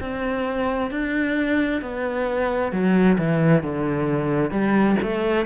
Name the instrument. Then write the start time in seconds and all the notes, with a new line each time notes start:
cello
0.00 C4
0.90 D4
1.81 B3
2.71 F#3
3.18 E3
3.62 D3
4.50 G3
5.02 A3